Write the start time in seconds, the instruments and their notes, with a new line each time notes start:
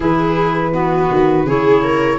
0.00 tuba E3, clarinet E4, viola G#4, flute B4
0.72 clarinet B3, viola F#4
1.10 tuba D#3
1.44 tuba C#3, clarinet E4, viola G#4, flute C#5
1.83 viola A#4